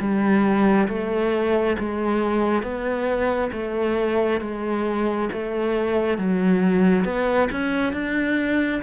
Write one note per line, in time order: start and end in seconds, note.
0.00 0.88 G3
0.89 1.77 A3
1.79 2.63 G#3
2.63 3.51 B3
3.53 4.41 A3
4.41 5.29 G#3
5.33 6.18 A3
6.18 7.05 F#3
7.05 7.49 B3
7.52 7.94 C#4
7.94 8.82 D4